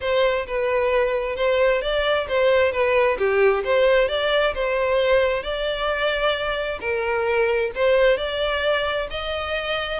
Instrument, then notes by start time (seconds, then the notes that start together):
violin
0.00 C5
0.46 B4
1.36 C5
1.81 D5
2.28 C5
2.72 B4
3.18 G4
3.64 C5
4.08 D5
4.54 C5
5.43 D5
6.80 A#4
7.75 C5
8.17 D5
9.10 D#5